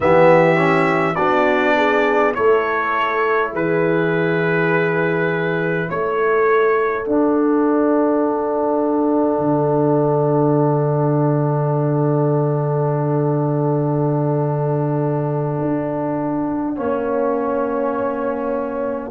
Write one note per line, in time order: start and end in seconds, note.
0.00 1.17 E3
0.00 0.56 B3
0.00 1.15 G4
0.00 1.15 E5
0.56 1.15 C#4
1.15 2.36 B3
1.15 2.34 D4
1.15 1.74 F#4
1.15 2.32 D5
1.76 2.35 G#4
2.34 3.53 A3
2.34 7.04 E4
2.34 3.52 A4
2.34 3.51 C#5
3.52 5.88 E3
3.52 5.88 G#4
3.52 5.89 B4
5.89 7.06 A3
5.89 16.75 A4
5.89 7.06 C#5
7.05 16.76 D4
7.05 9.38 D4
7.05 19.11 F#5
9.38 15.56 D3
15.61 16.78 D4
16.75 19.11 A#3
16.75 19.11 C#4
16.75 19.11 C#5